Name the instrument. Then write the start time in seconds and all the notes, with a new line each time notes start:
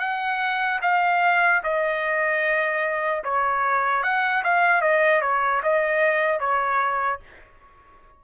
trumpet
0.00 F#5
0.82 F5
1.64 D#5
3.24 C#5
4.04 F#5
4.44 F5
4.82 D#5
5.22 C#5
5.64 D#5
6.40 C#5